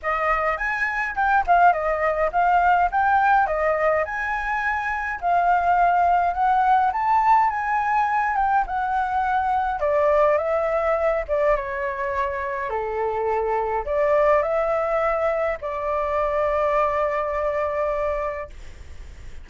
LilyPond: \new Staff \with { instrumentName = "flute" } { \time 4/4 \tempo 4 = 104 dis''4 gis''4 g''8 f''8 dis''4 | f''4 g''4 dis''4 gis''4~ | gis''4 f''2 fis''4 | a''4 gis''4. g''8 fis''4~ |
fis''4 d''4 e''4. d''8 | cis''2 a'2 | d''4 e''2 d''4~ | d''1 | }